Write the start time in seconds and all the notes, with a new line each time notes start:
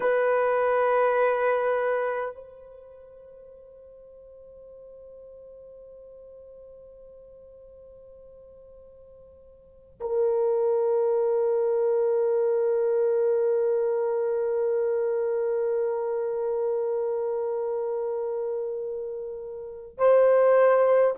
0.00 B4
2.35 C5
10.00 A#4
19.97 C5